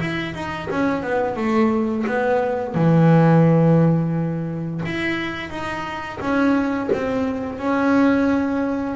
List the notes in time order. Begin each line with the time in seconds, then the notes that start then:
0.00 E4
0.34 D#4
0.70 C#4
1.03 B3
1.36 A3
2.07 B3
2.74 E3
4.85 E4
5.50 D#4
6.20 C#4
6.92 C4
7.58 C#4